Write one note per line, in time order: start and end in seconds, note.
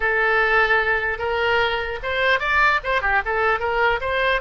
0.00 1.18 A4
1.18 1.99 A#4
2.03 2.39 C5
2.39 2.79 D5
2.83 3.01 C5
3.01 3.21 G4
3.25 3.59 A4
3.59 3.99 A#4
4.00 4.41 C5